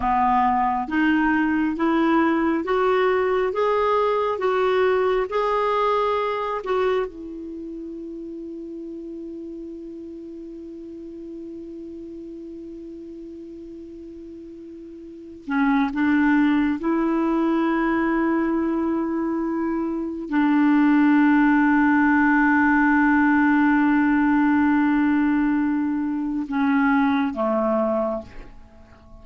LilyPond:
\new Staff \with { instrumentName = "clarinet" } { \time 4/4 \tempo 4 = 68 b4 dis'4 e'4 fis'4 | gis'4 fis'4 gis'4. fis'8 | e'1~ | e'1~ |
e'4. cis'8 d'4 e'4~ | e'2. d'4~ | d'1~ | d'2 cis'4 a4 | }